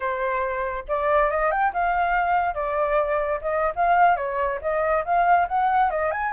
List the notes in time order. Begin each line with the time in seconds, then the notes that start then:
0.00 C5
0.87 D5
1.30 D#5
1.51 G5
1.73 F5
2.54 D5
3.41 D#5
3.75 F5
4.16 C#5
4.61 D#5
5.05 F5
5.48 F#5
5.90 D#5
6.11 G#5